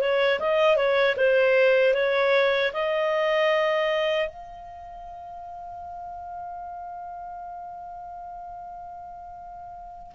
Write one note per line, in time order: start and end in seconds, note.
0.00 0.39 C#5
0.39 0.76 D#5
0.76 1.15 C#5
1.17 1.94 C5
1.94 2.72 C#5
2.73 4.28 D#5
4.28 10.12 F5